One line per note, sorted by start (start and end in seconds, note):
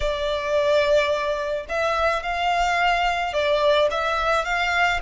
0.00 1.66 D5
1.68 2.22 E5
2.22 3.33 F5
3.33 3.88 D5
3.90 4.44 E5
4.44 5.00 F5